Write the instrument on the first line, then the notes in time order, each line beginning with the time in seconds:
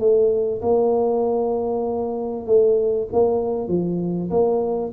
tuba
0.00 A3
0.62 A#3
2.47 A3
3.13 A#3
3.69 F3
4.31 A#3